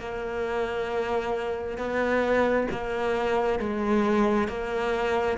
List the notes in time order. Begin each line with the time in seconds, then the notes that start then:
0.00 A#3
1.78 B3
2.72 A#3
3.59 G#3
4.48 A#3